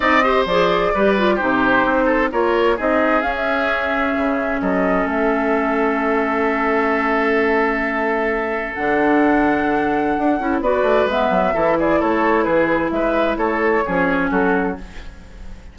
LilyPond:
<<
  \new Staff \with { instrumentName = "flute" } { \time 4/4 \tempo 4 = 130 dis''4 d''2 c''4~ | c''4 cis''4 dis''4 f''16 e''8.~ | e''2 dis''4 e''4~ | e''1~ |
e''2. fis''4~ | fis''2. d''4 | e''4. d''8 cis''4 b'4 | e''4 cis''2 a'4 | }
  \new Staff \with { instrumentName = "oboe" } { \time 4/4 d''8 c''4. b'4 g'4~ | g'8 a'8 ais'4 gis'2~ | gis'2 a'2~ | a'1~ |
a'1~ | a'2. b'4~ | b'4 a'8 gis'8 a'4 gis'4 | b'4 a'4 gis'4 fis'4 | }
  \new Staff \with { instrumentName = "clarinet" } { \time 4/4 dis'8 g'8 gis'4 g'8 f'8 dis'4~ | dis'4 f'4 dis'4 cis'4~ | cis'1~ | cis'1~ |
cis'2. d'4~ | d'2~ d'8 e'8 fis'4 | b4 e'2.~ | e'2 cis'2 | }
  \new Staff \with { instrumentName = "bassoon" } { \time 4/4 c'4 f4 g4 c4 | c'4 ais4 c'4 cis'4~ | cis'4 cis4 fis4 a4~ | a1~ |
a2. d4~ | d2 d'8 cis'8 b8 a8 | gis8 fis8 e4 a4 e4 | gis4 a4 f4 fis4 | }
>>